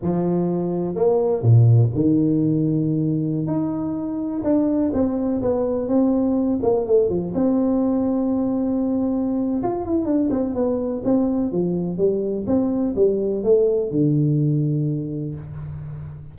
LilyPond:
\new Staff \with { instrumentName = "tuba" } { \time 4/4 \tempo 4 = 125 f2 ais4 ais,4 | dis2.~ dis16 dis'8.~ | dis'4~ dis'16 d'4 c'4 b8.~ | b16 c'4. ais8 a8 f8 c'8.~ |
c'1 | f'8 e'8 d'8 c'8 b4 c'4 | f4 g4 c'4 g4 | a4 d2. | }